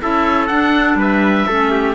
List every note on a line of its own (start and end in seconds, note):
0.00 0.50 C#4
0.00 0.49 E4
0.00 0.98 A4
0.00 0.47 E5
0.47 1.48 D4
0.47 0.95 D4
0.47 0.96 F#5
0.95 1.44 G3
0.95 1.47 B4
0.95 1.95 E5
1.47 1.95 A3
1.47 1.95 C#4
1.47 1.71 A4
1.71 1.95 G4